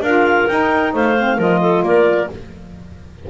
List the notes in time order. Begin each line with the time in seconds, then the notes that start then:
0.00 D4 F4 A#4 F5
0.47 D#4 G5
0.93 A3 C5 F5
1.18 C4
1.37 F3 F4 A#4 D#5
1.61 A4
1.83 A#3 A#4 D5